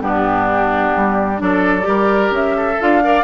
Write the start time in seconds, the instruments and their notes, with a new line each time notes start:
0.00 bassoon G2, clarinet B3, oboe D4, flute G4
0.97 bassoon G3
1.38 bassoon F#3, clarinet D4, oboe A4, flute D5
1.82 bassoon G3, clarinet G4
1.88 oboe A#4
2.31 bassoon C#4, flute E5
2.57 oboe A4
2.80 bassoon D4, clarinet F4, flute F5
3.04 clarinet A#4, oboe D5